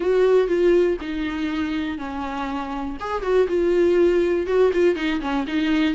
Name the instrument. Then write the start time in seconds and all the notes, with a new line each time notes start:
viola
0.00 F#4
0.47 F4
1.00 D#4
1.97 C#4
3.00 G#4
3.22 F#4
3.48 F4
4.46 F#4
4.73 F4
4.95 D#4
5.20 C#4
5.47 D#4